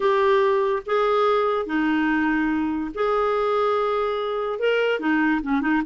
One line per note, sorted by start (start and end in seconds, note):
0.00 0.82 G4
0.85 1.66 G#4
1.66 2.91 D#4
2.94 4.59 G#4
4.59 4.99 A#4
4.99 5.41 D#4
5.42 5.61 C#4
5.61 5.82 D#4